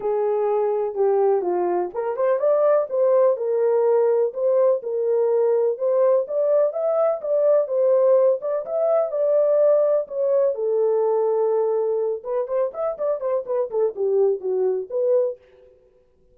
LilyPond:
\new Staff \with { instrumentName = "horn" } { \time 4/4 \tempo 4 = 125 gis'2 g'4 f'4 | ais'8 c''8 d''4 c''4 ais'4~ | ais'4 c''4 ais'2 | c''4 d''4 e''4 d''4 |
c''4. d''8 e''4 d''4~ | d''4 cis''4 a'2~ | a'4. b'8 c''8 e''8 d''8 c''8 | b'8 a'8 g'4 fis'4 b'4 | }